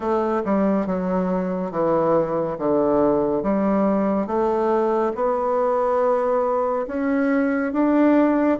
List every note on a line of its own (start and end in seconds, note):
0.00 0.42 A3
0.44 0.86 G3
0.86 1.71 F#3
1.71 2.56 E3
2.58 3.42 D3
3.42 4.26 G3
4.26 5.12 A3
5.15 6.86 B3
6.87 7.73 C#4
7.73 8.58 D4